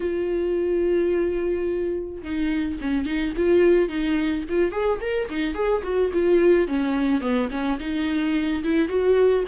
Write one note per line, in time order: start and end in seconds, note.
0.00 2.22 F4
2.22 2.78 D#4
2.81 3.05 C#4
3.05 3.33 D#4
3.36 3.88 F4
3.88 4.44 D#4
4.48 4.71 F4
4.71 4.99 G#4
5.01 5.28 A#4
5.29 5.54 D#4
5.54 5.82 G#4
5.83 6.11 F#4
6.13 6.67 F4
6.67 7.20 C#4
7.20 7.48 B3
7.51 7.78 C#4
7.79 8.63 D#4
8.63 8.88 E4
8.88 9.44 F#4